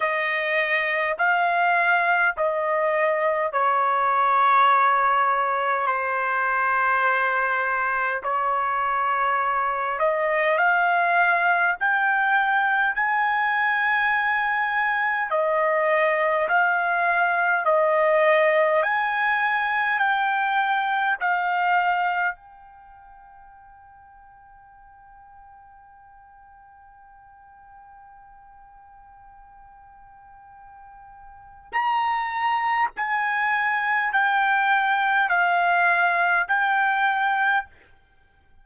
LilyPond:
\new Staff \with { instrumentName = "trumpet" } { \time 4/4 \tempo 4 = 51 dis''4 f''4 dis''4 cis''4~ | cis''4 c''2 cis''4~ | cis''8 dis''8 f''4 g''4 gis''4~ | gis''4 dis''4 f''4 dis''4 |
gis''4 g''4 f''4 g''4~ | g''1~ | g''2. ais''4 | gis''4 g''4 f''4 g''4 | }